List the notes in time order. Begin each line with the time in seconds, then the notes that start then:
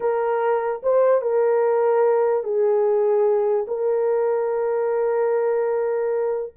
0.00 A#4
0.82 C5
1.21 A#4
2.43 G#4
3.67 A#4